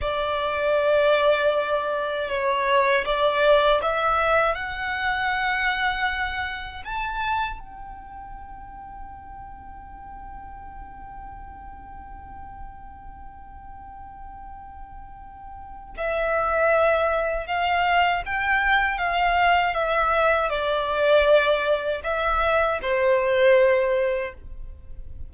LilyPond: \new Staff \with { instrumentName = "violin" } { \time 4/4 \tempo 4 = 79 d''2. cis''4 | d''4 e''4 fis''2~ | fis''4 a''4 g''2~ | g''1~ |
g''1~ | g''4 e''2 f''4 | g''4 f''4 e''4 d''4~ | d''4 e''4 c''2 | }